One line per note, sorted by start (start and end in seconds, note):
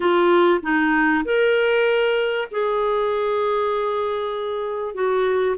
0.00 0.60 F4
0.62 1.24 D#4
1.24 2.48 A#4
2.51 4.94 G#4
4.94 5.56 F#4